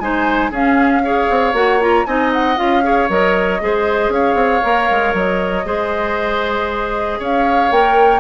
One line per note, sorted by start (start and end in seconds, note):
0.00 0.51 G#3
0.00 0.53 D#4
0.00 0.51 C5
0.00 0.51 G#5
0.51 1.28 C#4
0.51 1.04 C#4
0.51 1.02 G#4
0.51 1.56 F5
1.04 1.54 G#4
1.04 2.07 C#5
1.30 1.53 C4
1.53 2.04 A#3
1.53 1.79 F#4
1.53 1.81 F#5
1.80 2.06 F4
1.80 2.06 A#5
2.06 2.58 C4
2.06 2.57 D#4
2.06 2.84 D#5
2.06 2.31 G#5
2.33 2.58 F#5
2.57 3.09 C#4
2.57 2.82 F4
2.57 3.09 F5
2.83 3.09 G#4
2.83 3.61 C#5
3.09 3.61 F#3
3.09 3.60 A#4
3.09 4.12 D#5
3.60 4.09 G#3
3.60 4.62 G#4
3.60 4.14 C5
4.09 4.35 C#4
4.09 5.66 C#5
4.09 5.15 F5
4.35 4.60 C4
4.62 4.90 A#3
4.62 5.65 A#4
4.90 5.14 G#3
5.14 5.65 F#3
5.14 7.21 D#5
5.65 7.19 G#3
5.65 7.70 G#4
5.65 7.19 C5
7.19 7.71 C#4
7.19 8.20 C#5
7.19 7.72 F5
7.71 8.20 A#3
7.71 8.20 A#4
7.71 8.20 G5